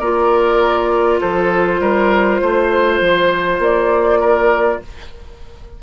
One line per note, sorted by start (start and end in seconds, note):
0.00 1.21 A#3
0.00 4.83 F4
0.00 1.20 A#4
0.00 1.20 D5
1.21 1.80 F3
1.21 1.81 A4
1.21 3.61 C5
1.80 2.41 G3
1.80 2.42 A#4
2.42 3.01 A3
2.42 4.20 C5
3.01 3.59 F3
3.59 4.79 A#3
3.59 4.83 D5
4.20 4.80 A#4